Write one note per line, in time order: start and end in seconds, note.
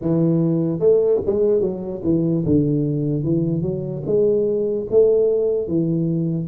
0.01 0.79 E3
0.79 1.20 A3
1.26 1.60 G#3
1.60 2.01 F#3
2.03 2.44 E3
2.45 3.23 D3
3.23 3.62 E3
3.62 4.02 F#3
4.05 4.86 G#3
4.90 5.67 A3
5.67 6.47 E3